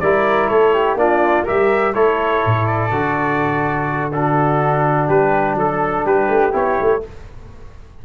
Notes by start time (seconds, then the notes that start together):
0.00 G3 E4 A#4 D5
0.49 A3 A4 C#5
0.73 G4
0.95 A#3 D4 F4 D5
1.44 G3 G4 A#4 E5
1.94 A3 E4 A4 C#5
2.46 A2
2.67 D5
2.91 D3 F#4
4.12 D4 F#4 A4
5.08 G3 G4 B4
5.55 F#3 A4
6.05 G3 G4 B4
6.29 A3
6.52 B3 E4 C#5
6.81 A3